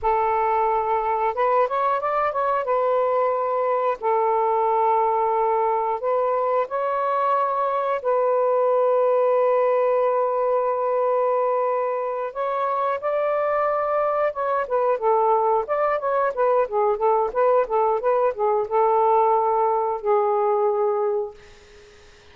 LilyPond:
\new Staff \with { instrumentName = "saxophone" } { \time 4/4 \tempo 4 = 90 a'2 b'8 cis''8 d''8 cis''8 | b'2 a'2~ | a'4 b'4 cis''2 | b'1~ |
b'2~ b'8 cis''4 d''8~ | d''4. cis''8 b'8 a'4 d''8 | cis''8 b'8 gis'8 a'8 b'8 a'8 b'8 gis'8 | a'2 gis'2 | }